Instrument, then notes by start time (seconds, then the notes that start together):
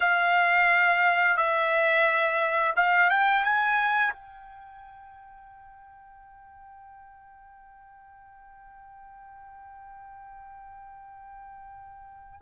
trumpet
0.00 F5
1.36 E5
2.76 F5
3.10 G5
3.44 G#5
4.13 G5